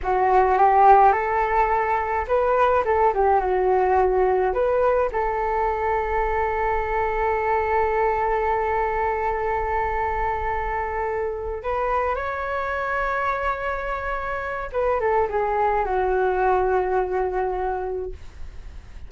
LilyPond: \new Staff \with { instrumentName = "flute" } { \time 4/4 \tempo 4 = 106 fis'4 g'4 a'2 | b'4 a'8 g'8 fis'2 | b'4 a'2.~ | a'1~ |
a'1~ | a'8 b'4 cis''2~ cis''8~ | cis''2 b'8 a'8 gis'4 | fis'1 | }